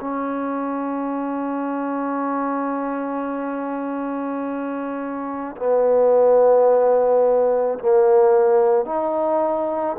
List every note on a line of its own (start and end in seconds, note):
0.00 5.56 C#4
5.56 7.78 B3
7.79 8.85 A#3
8.85 9.96 D#4